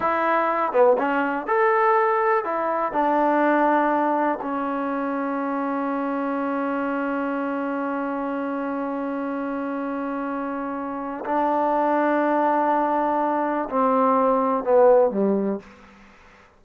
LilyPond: \new Staff \with { instrumentName = "trombone" } { \time 4/4 \tempo 4 = 123 e'4. b8 cis'4 a'4~ | a'4 e'4 d'2~ | d'4 cis'2.~ | cis'1~ |
cis'1~ | cis'2. d'4~ | d'1 | c'2 b4 g4 | }